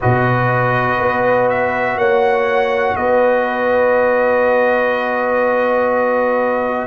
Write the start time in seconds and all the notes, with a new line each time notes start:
0.00 B2 F#4 B4 D#5
0.98 B3
1.49 E5
1.96 A#3 C#5 F#5
2.95 B3 B4 D#5